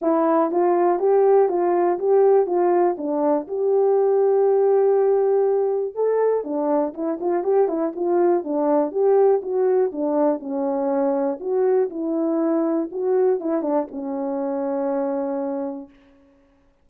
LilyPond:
\new Staff \with { instrumentName = "horn" } { \time 4/4 \tempo 4 = 121 e'4 f'4 g'4 f'4 | g'4 f'4 d'4 g'4~ | g'1 | a'4 d'4 e'8 f'8 g'8 e'8 |
f'4 d'4 g'4 fis'4 | d'4 cis'2 fis'4 | e'2 fis'4 e'8 d'8 | cis'1 | }